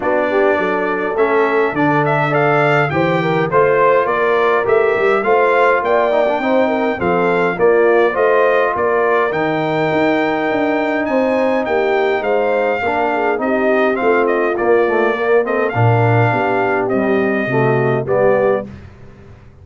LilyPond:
<<
  \new Staff \with { instrumentName = "trumpet" } { \time 4/4 \tempo 4 = 103 d''2 e''4 d''8 e''8 | f''4 g''4 c''4 d''4 | e''4 f''4 g''2 | f''4 d''4 dis''4 d''4 |
g''2. gis''4 | g''4 f''2 dis''4 | f''8 dis''8 d''4. dis''8 f''4~ | f''4 dis''2 d''4 | }
  \new Staff \with { instrumentName = "horn" } { \time 4/4 fis'8 g'8 a'2. | d''4 c''8 ais'8 c''4 ais'4~ | ais'4 c''4 d''4 c''8 ais'8 | a'4 f'4 c''4 ais'4~ |
ais'2. c''4 | g'4 c''4 ais'8 gis'8 g'4 | f'2 ais'8 a'8 ais'4 | g'2 fis'4 g'4 | }
  \new Staff \with { instrumentName = "trombone" } { \time 4/4 d'2 cis'4 d'4 | a'4 g'4 f'2 | g'4 f'4. dis'16 d'16 dis'4 | c'4 ais4 f'2 |
dis'1~ | dis'2 d'4 dis'4 | c'4 ais8 a8 ais8 c'8 d'4~ | d'4 g4 a4 b4 | }
  \new Staff \with { instrumentName = "tuba" } { \time 4/4 b4 fis4 a4 d4~ | d4 e4 a4 ais4 | a8 g8 a4 ais4 c'4 | f4 ais4 a4 ais4 |
dis4 dis'4 d'4 c'4 | ais4 gis4 ais4 c'4 | a4 ais2 ais,4 | b4 c'4 c4 g4 | }
>>